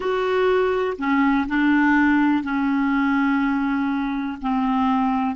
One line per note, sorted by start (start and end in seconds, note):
0.00 0.96 F#4
0.98 1.46 C#4
1.47 2.43 D4
2.43 4.38 C#4
4.41 5.35 C4